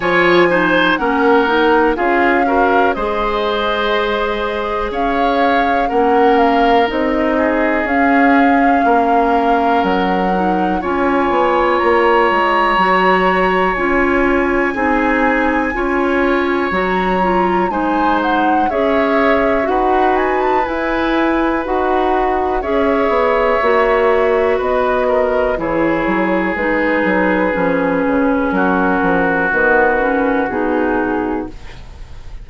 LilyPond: <<
  \new Staff \with { instrumentName = "flute" } { \time 4/4 \tempo 4 = 61 gis''4 fis''4 f''4 dis''4~ | dis''4 f''4 fis''8 f''8 dis''4 | f''2 fis''4 gis''4 | ais''2 gis''2~ |
gis''4 ais''4 gis''8 fis''8 e''4 | fis''8 gis''16 a''16 gis''4 fis''4 e''4~ | e''4 dis''4 cis''4 b'4~ | b'4 ais'4 b'4 gis'4 | }
  \new Staff \with { instrumentName = "oboe" } { \time 4/4 cis''8 c''8 ais'4 gis'8 ais'8 c''4~ | c''4 cis''4 ais'4. gis'8~ | gis'4 ais'2 cis''4~ | cis''2. gis'4 |
cis''2 c''4 cis''4 | b'2. cis''4~ | cis''4 b'8 ais'8 gis'2~ | gis'4 fis'2. | }
  \new Staff \with { instrumentName = "clarinet" } { \time 4/4 f'8 dis'8 cis'8 dis'8 f'8 fis'8 gis'4~ | gis'2 cis'4 dis'4 | cis'2~ cis'8 dis'8 f'4~ | f'4 fis'4 f'4 dis'4 |
f'4 fis'8 f'8 dis'4 gis'4 | fis'4 e'4 fis'4 gis'4 | fis'2 e'4 dis'4 | cis'2 b8 cis'8 dis'4 | }
  \new Staff \with { instrumentName = "bassoon" } { \time 4/4 f4 ais4 cis'4 gis4~ | gis4 cis'4 ais4 c'4 | cis'4 ais4 fis4 cis'8 b8 | ais8 gis8 fis4 cis'4 c'4 |
cis'4 fis4 gis4 cis'4 | dis'4 e'4 dis'4 cis'8 b8 | ais4 b4 e8 fis8 gis8 fis8 | f8 cis8 fis8 f8 dis4 b,4 | }
>>